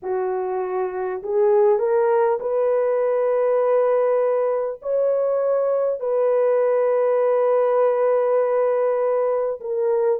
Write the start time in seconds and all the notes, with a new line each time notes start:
0.02 F#4
1.22 G#4
1.78 A#4
2.40 B4
4.82 C#5
6.00 B4
9.60 A#4